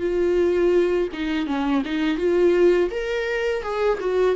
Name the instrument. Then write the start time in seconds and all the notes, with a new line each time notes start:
viola
0.00 F4
1.13 D#4
1.47 C#4
1.85 D#4
2.18 F4
2.91 A#4
3.63 G#4
4.00 F#4